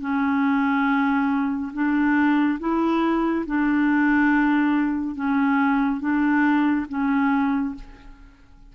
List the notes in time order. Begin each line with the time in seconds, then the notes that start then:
0.00 C#4
1.73 D4
2.59 E4
3.46 D4
5.15 C#4
6.00 D4
6.89 C#4